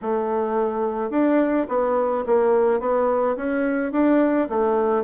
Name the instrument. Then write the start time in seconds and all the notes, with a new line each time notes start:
bassoon
0.01 A3
1.10 D4
1.68 B3
2.26 A#3
2.80 B3
3.36 C#4
3.92 D4
4.49 A3